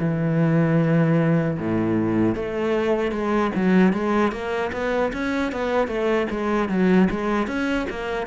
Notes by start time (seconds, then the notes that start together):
0.00 E3
1.59 A2
2.35 A3
3.12 G#3
3.56 F#3
3.93 G#3
4.32 A#3
4.73 B3
5.13 C#4
5.52 B3
5.88 A3
6.31 G#3
6.69 F#3
7.11 G#3
7.48 C#4
7.90 A#3